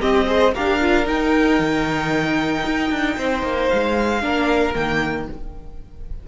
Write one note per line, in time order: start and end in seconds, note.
0.00 0.26 C4
0.00 0.56 C4
0.00 0.27 G4
0.00 0.55 D#5
0.27 0.53 G#4
0.27 0.54 C5
0.54 1.07 D4
0.54 0.81 G4
0.54 3.17 A#4
0.54 1.08 F5
0.82 1.05 F4
1.05 4.21 D#4
1.05 1.59 D#4
1.05 3.69 G5
1.59 2.65 D#3
2.66 2.90 D#4
2.90 3.17 D4
3.17 3.43 C4
3.17 4.22 C5
3.43 3.70 A#3
3.69 4.23 G#3
3.69 4.74 F5
4.22 4.76 A#3
4.22 4.74 D4
4.22 5.27 A#4
4.75 5.29 D#3
4.75 5.28 A#3
4.75 5.27 G5